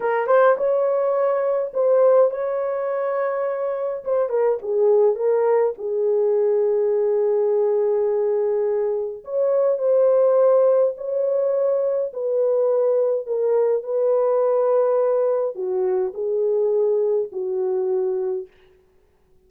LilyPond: \new Staff \with { instrumentName = "horn" } { \time 4/4 \tempo 4 = 104 ais'8 c''8 cis''2 c''4 | cis''2. c''8 ais'8 | gis'4 ais'4 gis'2~ | gis'1 |
cis''4 c''2 cis''4~ | cis''4 b'2 ais'4 | b'2. fis'4 | gis'2 fis'2 | }